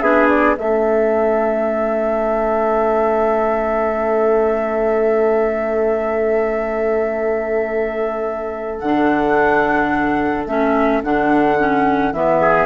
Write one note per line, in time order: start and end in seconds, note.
0.00 0.56 B3
0.00 0.56 D4
0.00 0.57 G#4
0.00 0.28 E5
0.29 0.56 D5
0.56 8.81 A3
0.56 8.82 C#4
0.56 12.40 A4
0.56 8.79 E5
8.79 10.46 D3
8.79 10.48 D4
8.79 10.44 F#5
10.46 11.01 A3
10.46 11.03 C#4
10.46 11.02 E5
11.03 12.12 D3
11.03 11.58 D4
11.03 12.13 F#5
11.58 12.13 C#4
12.12 12.66 E3
12.12 12.66 B3
12.12 12.66 E5
12.40 12.66 G#4